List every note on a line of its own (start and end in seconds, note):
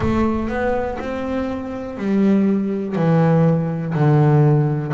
0.00 0.48 A3
0.48 0.97 B3
0.99 1.97 C4
1.97 2.95 G3
2.95 3.93 E3
3.94 4.92 D3